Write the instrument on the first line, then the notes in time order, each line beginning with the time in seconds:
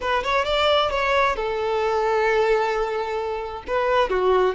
violin
0.00 B4
0.23 C#5
0.44 D5
0.90 C#5
1.36 A4
3.67 B4
4.09 F#4